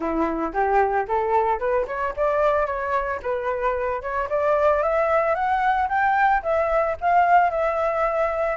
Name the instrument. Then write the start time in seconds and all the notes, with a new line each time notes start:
flute
0.00 E4
0.53 G4
1.07 A4
1.59 B4
1.87 C#5
2.16 D5
2.66 C#5
3.22 B4
4.01 C#5
4.29 D5
4.83 E5
5.34 F#5
5.89 G5
6.42 E5
7.01 F5
7.50 E5